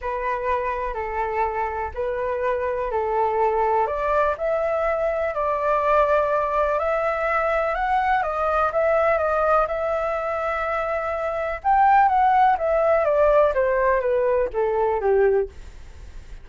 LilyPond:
\new Staff \with { instrumentName = "flute" } { \time 4/4 \tempo 4 = 124 b'2 a'2 | b'2 a'2 | d''4 e''2 d''4~ | d''2 e''2 |
fis''4 dis''4 e''4 dis''4 | e''1 | g''4 fis''4 e''4 d''4 | c''4 b'4 a'4 g'4 | }